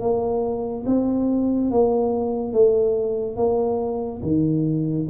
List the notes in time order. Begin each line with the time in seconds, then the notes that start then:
0.00 A#3
0.86 C4
1.70 A#3
2.52 A3
3.36 A#3
4.22 D#3